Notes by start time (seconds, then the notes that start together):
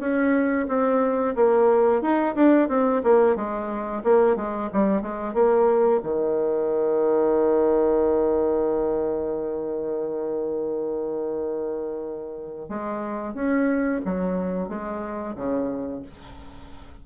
0.00 C#4
0.68 C4
1.35 A#3
2.02 D#4
2.35 D4
2.69 C4
3.03 A#3
3.36 G#3
4.04 A#3
4.36 G#3
4.73 G3
5.02 G#3
5.34 A#3
6.03 D#3
12.69 G#3
13.34 C#4
14.05 F#3
14.69 G#3
15.36 C#3